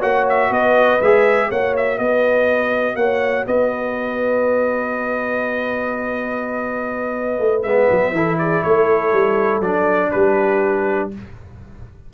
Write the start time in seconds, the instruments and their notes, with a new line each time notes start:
0.00 tuba A#3, trombone F#4, horn C#5, trumpet F#5
0.29 trumpet E5
0.50 tuba B3, horn B4, trumpet D#5
1.01 tuba G#3, trombone G#4, trumpet E5
1.49 tuba A#3, trombone F#4, horn C#5, trumpet F#5
1.77 trumpet E5
1.98 tuba B3, horn B4, trumpet D#5
2.96 tuba A#3, horn C#5, trumpet F#5
3.46 tuba B3, horn B4, trumpet D#5
7.39 tuba A3
7.62 tuba G#3, trombone B3, trumpet E5
7.90 tuba F#3
8.11 tuba E3, trombone E4, horn A4
8.38 horn G#4, trumpet D5
8.63 tuba A3, horn A4, trumpet C#5
9.12 tuba G3
9.60 tuba F#3, trombone D4, trumpet D5
10.11 tuba G3, horn G4, trumpet B4